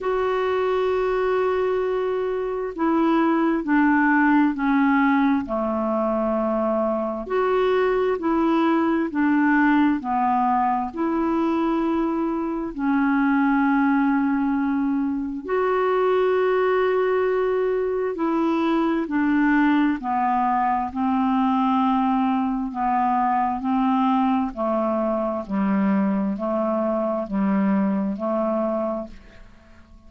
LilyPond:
\new Staff \with { instrumentName = "clarinet" } { \time 4/4 \tempo 4 = 66 fis'2. e'4 | d'4 cis'4 a2 | fis'4 e'4 d'4 b4 | e'2 cis'2~ |
cis'4 fis'2. | e'4 d'4 b4 c'4~ | c'4 b4 c'4 a4 | g4 a4 g4 a4 | }